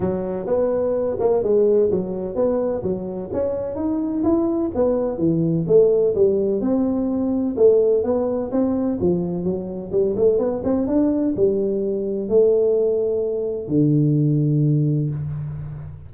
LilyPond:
\new Staff \with { instrumentName = "tuba" } { \time 4/4 \tempo 4 = 127 fis4 b4. ais8 gis4 | fis4 b4 fis4 cis'4 | dis'4 e'4 b4 e4 | a4 g4 c'2 |
a4 b4 c'4 f4 | fis4 g8 a8 b8 c'8 d'4 | g2 a2~ | a4 d2. | }